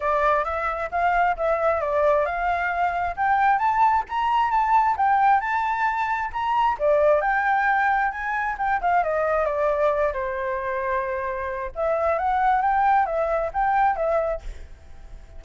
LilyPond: \new Staff \with { instrumentName = "flute" } { \time 4/4 \tempo 4 = 133 d''4 e''4 f''4 e''4 | d''4 f''2 g''4 | a''4 ais''4 a''4 g''4 | a''2 ais''4 d''4 |
g''2 gis''4 g''8 f''8 | dis''4 d''4. c''4.~ | c''2 e''4 fis''4 | g''4 e''4 g''4 e''4 | }